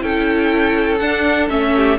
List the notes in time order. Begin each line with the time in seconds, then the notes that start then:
0.00 C#4 E4 A4 G5
0.99 D4 F#5
1.50 A3 C#4 E5
1.76 G4